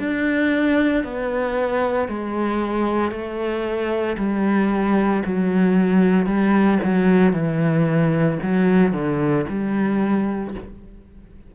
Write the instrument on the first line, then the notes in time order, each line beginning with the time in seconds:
cello
0.00 D4
1.04 B3
2.09 G#3
3.11 A3
4.18 G3
5.26 F#3
6.26 G3
6.84 F#3
7.33 E3
8.43 F#3
8.93 D3
9.50 G3